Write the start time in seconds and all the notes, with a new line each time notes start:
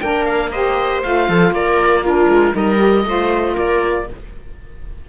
0.00 A#3 D4 A#4 G5
0.25 F5
0.51 G4 C5 D#5
1.03 A3 F4 F5
1.28 F3 A4
1.50 A#3 A#4 D5
2.03 D4 F4 A#4
2.28 G#3
2.52 G3 D#4 A#4 D#5
2.78 G4
3.05 A3 F4 C5
3.54 A#3 A#4 D5